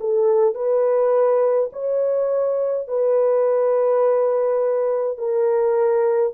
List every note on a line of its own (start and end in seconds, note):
0.00 0.54 A4
0.54 1.69 B4
1.72 2.87 C#5
2.87 5.17 B4
5.17 6.33 A#4